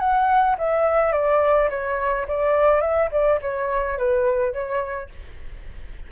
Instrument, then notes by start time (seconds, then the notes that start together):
flute
0.00 F#5
0.59 E5
1.13 D5
1.70 C#5
2.28 D5
2.82 E5
3.12 D5
3.42 C#5
3.98 B4
4.53 C#5